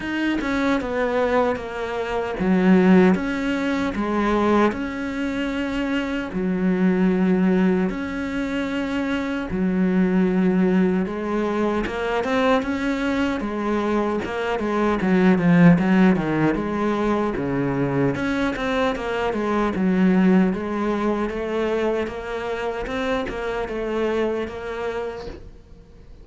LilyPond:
\new Staff \with { instrumentName = "cello" } { \time 4/4 \tempo 4 = 76 dis'8 cis'8 b4 ais4 fis4 | cis'4 gis4 cis'2 | fis2 cis'2 | fis2 gis4 ais8 c'8 |
cis'4 gis4 ais8 gis8 fis8 f8 | fis8 dis8 gis4 cis4 cis'8 c'8 | ais8 gis8 fis4 gis4 a4 | ais4 c'8 ais8 a4 ais4 | }